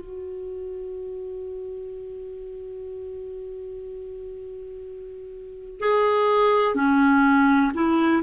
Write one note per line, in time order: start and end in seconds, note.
0.00 5.80 F#4
5.80 6.75 G#4
6.75 7.72 C#4
7.75 8.23 E4